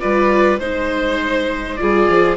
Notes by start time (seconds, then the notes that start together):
0.00 G3 F4 B4 D5
0.59 G#3 D#4 C5
1.76 F4 G#4 D5
1.82 G3
2.09 F3